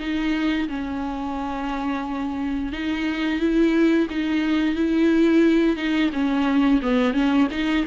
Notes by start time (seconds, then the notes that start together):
0.00 D#4
0.69 C#4
2.73 D#4
3.40 E4
4.10 D#4
4.76 E4
5.77 D#4
6.13 C#4
6.82 B3
7.14 C#4
7.52 D#4